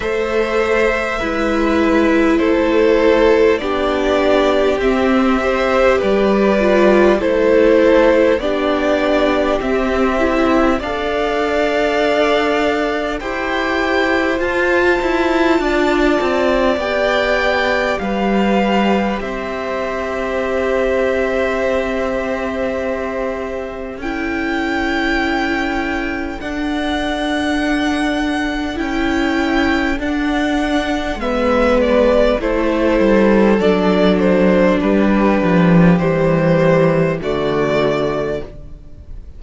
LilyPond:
<<
  \new Staff \with { instrumentName = "violin" } { \time 4/4 \tempo 4 = 50 e''2 c''4 d''4 | e''4 d''4 c''4 d''4 | e''4 f''2 g''4 | a''2 g''4 f''4 |
e''1 | g''2 fis''2 | g''4 fis''4 e''8 d''8 c''4 | d''8 c''8 b'4 c''4 d''4 | }
  \new Staff \with { instrumentName = "violin" } { \time 4/4 c''4 b'4 a'4 g'4~ | g'8 c''8 b'4 a'4 g'4~ | g'4 d''2 c''4~ | c''4 d''2 b'4 |
c''1 | a'1~ | a'2 b'4 a'4~ | a'4 g'2 fis'4 | }
  \new Staff \with { instrumentName = "viola" } { \time 4/4 a'4 e'2 d'4 | c'8 g'4 f'8 e'4 d'4 | c'8 e'8 a'2 g'4 | f'2 g'2~ |
g'1 | e'2 d'2 | e'4 d'4 b4 e'4 | d'2 g4 a4 | }
  \new Staff \with { instrumentName = "cello" } { \time 4/4 a4 gis4 a4 b4 | c'4 g4 a4 b4 | c'4 d'2 e'4 | f'8 e'8 d'8 c'8 b4 g4 |
c'1 | cis'2 d'2 | cis'4 d'4 gis4 a8 g8 | fis4 g8 f8 e4 d4 | }
>>